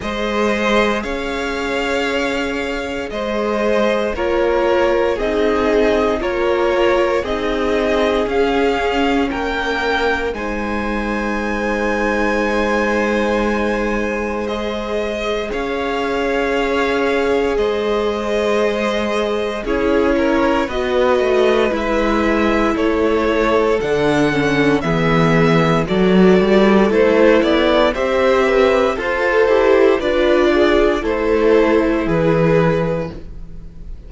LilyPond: <<
  \new Staff \with { instrumentName = "violin" } { \time 4/4 \tempo 4 = 58 dis''4 f''2 dis''4 | cis''4 dis''4 cis''4 dis''4 | f''4 g''4 gis''2~ | gis''2 dis''4 f''4~ |
f''4 dis''2 cis''4 | dis''4 e''4 cis''4 fis''4 | e''4 d''4 c''8 d''8 e''4 | c''4 d''4 c''4 b'4 | }
  \new Staff \with { instrumentName = "violin" } { \time 4/4 c''4 cis''2 c''4 | ais'4 gis'4 ais'4 gis'4~ | gis'4 ais'4 c''2~ | c''2. cis''4~ |
cis''4 c''2 gis'8 ais'8 | b'2 a'2 | gis'4 a'2 c''8 b'8 | a'4 b'8 gis'8 a'4 gis'4 | }
  \new Staff \with { instrumentName = "viola" } { \time 4/4 gis'1 | f'4 dis'4 f'4 dis'4 | cis'2 dis'2~ | dis'2 gis'2~ |
gis'2. e'4 | fis'4 e'2 d'8 cis'8 | b4 fis'4 e'4 g'4 | a'8 g'8 f'4 e'2 | }
  \new Staff \with { instrumentName = "cello" } { \time 4/4 gis4 cis'2 gis4 | ais4 c'4 ais4 c'4 | cis'4 ais4 gis2~ | gis2. cis'4~ |
cis'4 gis2 cis'4 | b8 a8 gis4 a4 d4 | e4 fis8 g8 a8 b8 c'4 | f'8 e'8 d'4 a4 e4 | }
>>